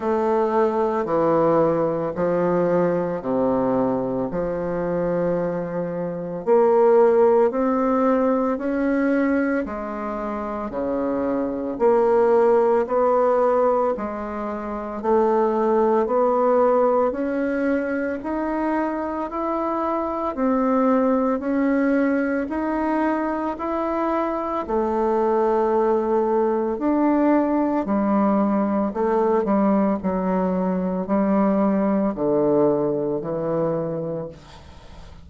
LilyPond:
\new Staff \with { instrumentName = "bassoon" } { \time 4/4 \tempo 4 = 56 a4 e4 f4 c4 | f2 ais4 c'4 | cis'4 gis4 cis4 ais4 | b4 gis4 a4 b4 |
cis'4 dis'4 e'4 c'4 | cis'4 dis'4 e'4 a4~ | a4 d'4 g4 a8 g8 | fis4 g4 d4 e4 | }